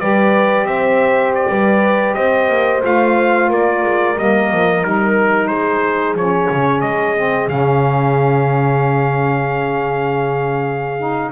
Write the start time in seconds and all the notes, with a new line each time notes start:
0.00 G3 G4 B4 D5
0.64 C4 C5 E5
1.35 D5
1.49 G3 B4
2.15 C4 C5 D#5
2.49 A#3
2.82 A3 F4 F5
3.49 A#3 A#4 D5
3.83 G#3
4.16 G3 A#3 D#5
4.51 F3
4.83 G3 D#4 A#4
5.48 G#3 G#4 C5
6.15 F3 C#4 C#5
6.51 C#3
6.82 G#3 D#5
7.16 C4
7.48 C#3 C#4 F5
10.99 D#4